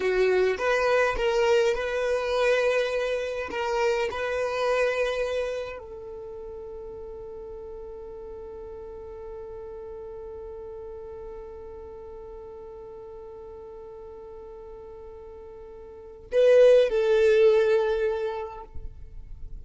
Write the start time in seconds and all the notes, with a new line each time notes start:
0.00 F#4
0.57 B4
1.17 A#4
1.74 B4
3.51 A#4
4.11 B4
5.79 A4
16.31 B4
16.89 A4